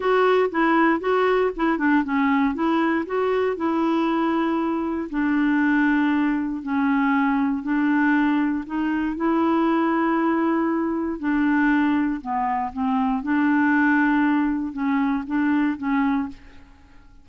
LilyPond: \new Staff \with { instrumentName = "clarinet" } { \time 4/4 \tempo 4 = 118 fis'4 e'4 fis'4 e'8 d'8 | cis'4 e'4 fis'4 e'4~ | e'2 d'2~ | d'4 cis'2 d'4~ |
d'4 dis'4 e'2~ | e'2 d'2 | b4 c'4 d'2~ | d'4 cis'4 d'4 cis'4 | }